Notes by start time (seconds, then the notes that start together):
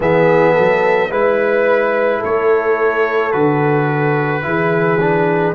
0.00 E3 B3 G#4 E5
0.54 F#3 A4
1.10 G#3 E4 B4
2.19 A3 A4 C#5
3.31 D3 F#4 B4
4.42 E3 E4 G#4
5.00 D4